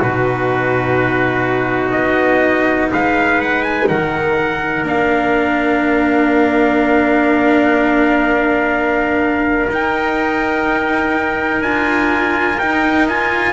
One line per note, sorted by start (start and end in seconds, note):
0.00 1.95 B2
0.00 4.85 D#4
0.00 2.90 F#4
0.00 1.92 B4
1.92 2.92 B3
1.92 2.88 D#5
2.92 3.90 G#3
2.92 3.89 B4
2.92 3.41 F5
3.41 3.63 F#5
3.63 3.87 G#5
3.88 4.83 D#3
3.88 13.53 A#4
3.88 4.85 F#5
4.83 9.67 A#3
4.83 9.69 D4
4.83 9.72 F5
9.70 11.61 D#4
9.70 11.65 D#4
9.70 11.62 G5
11.61 12.58 D4
11.61 12.61 F4
11.61 12.59 G#5
12.59 13.53 D#4
12.59 13.09 D#4
12.59 13.07 G5
13.09 13.53 F4
13.09 13.53 G#5